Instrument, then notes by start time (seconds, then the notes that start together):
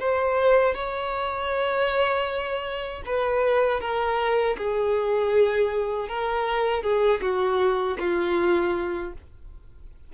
violin
0.00 C5
0.75 C#5
3.06 B4
3.81 A#4
4.58 G#4
6.09 A#4
6.83 G#4
7.22 F#4
8.00 F4